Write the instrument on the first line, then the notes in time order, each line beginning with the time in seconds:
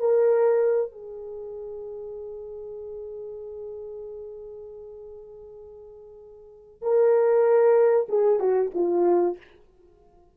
horn
0.00 A#4
0.92 G#4
6.82 A#4
8.09 G#4
8.40 F#4
8.75 F4